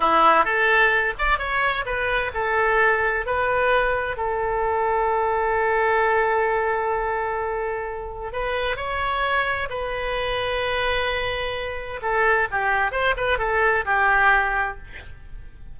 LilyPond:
\new Staff \with { instrumentName = "oboe" } { \time 4/4 \tempo 4 = 130 e'4 a'4. d''8 cis''4 | b'4 a'2 b'4~ | b'4 a'2.~ | a'1~ |
a'2 b'4 cis''4~ | cis''4 b'2.~ | b'2 a'4 g'4 | c''8 b'8 a'4 g'2 | }